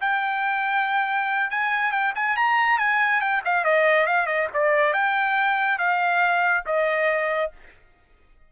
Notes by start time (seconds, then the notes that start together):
0.00 G5
1.50 G#5
1.91 G5
2.15 G#5
2.36 A#5
2.78 G#5
3.20 G5
3.44 F5
3.64 D#5
4.06 F5
4.26 D#5
4.53 D5
4.93 G5
5.78 F5
6.65 D#5